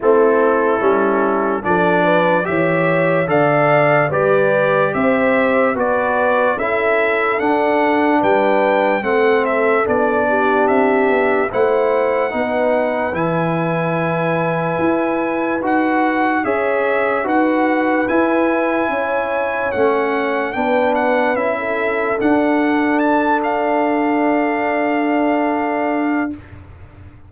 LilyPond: <<
  \new Staff \with { instrumentName = "trumpet" } { \time 4/4 \tempo 4 = 73 a'2 d''4 e''4 | f''4 d''4 e''4 d''4 | e''4 fis''4 g''4 fis''8 e''8 | d''4 e''4 fis''2 |
gis''2. fis''4 | e''4 fis''4 gis''2 | fis''4 g''8 fis''8 e''4 fis''4 | a''8 f''2.~ f''8 | }
  \new Staff \with { instrumentName = "horn" } { \time 4/4 e'2 a'8 b'8 cis''4 | d''4 b'4 c''4 b'4 | a'2 b'4 a'4~ | a'8 g'4. c''4 b'4~ |
b'1 | cis''4 b'2 cis''4~ | cis''4 b'4~ b'16 a'4.~ a'16~ | a'1 | }
  \new Staff \with { instrumentName = "trombone" } { \time 4/4 c'4 cis'4 d'4 g'4 | a'4 g'2 fis'4 | e'4 d'2 c'4 | d'2 e'4 dis'4 |
e'2. fis'4 | gis'4 fis'4 e'2 | cis'4 d'4 e'4 d'4~ | d'1 | }
  \new Staff \with { instrumentName = "tuba" } { \time 4/4 a4 g4 f4 e4 | d4 g4 c'4 b4 | cis'4 d'4 g4 a4 | b4 c'8 b8 a4 b4 |
e2 e'4 dis'4 | cis'4 dis'4 e'4 cis'4 | a4 b4 cis'4 d'4~ | d'1 | }
>>